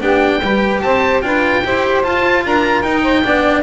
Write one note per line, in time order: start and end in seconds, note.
0.00 0.41 B3
0.00 0.40 D4
0.00 0.41 G4
0.00 0.81 G5
0.41 0.81 G3
0.41 1.22 G4
0.41 0.83 B4
0.81 1.23 C4
0.81 1.24 C5
0.81 1.21 A5
1.21 1.64 D4
1.21 1.62 F4
1.21 1.64 B4
1.21 2.02 G5
1.64 2.04 E4
1.64 2.03 G4
1.64 2.44 C5
2.03 2.83 F4
2.03 2.44 F4
2.03 2.43 A5
2.44 2.82 D4
2.44 3.02 A#4
2.44 2.82 A#5
2.82 3.23 D#4
2.82 3.62 G5
3.02 3.22 C5
3.23 3.63 B3
3.23 3.63 D4
3.23 3.63 D5